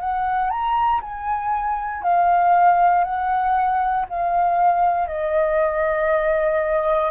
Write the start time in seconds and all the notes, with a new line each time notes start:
0.00 F#5
0.50 A#5
1.02 G#5
2.03 F5
3.04 F#5
4.09 F5
5.08 D#5